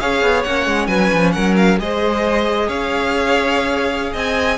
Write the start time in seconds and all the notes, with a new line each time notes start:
0.00 C#4 G#4 C#5 F5
0.22 B3
0.43 A#3 C#4 F#5
0.66 G#3
0.87 F#3 B4 G#5
1.14 F3
1.33 F#3 A#4 F#5
1.57 F5
1.79 G#3 G#4 C5 D#5
2.68 C#4 C#5 F5
4.13 C4 D#5 G#5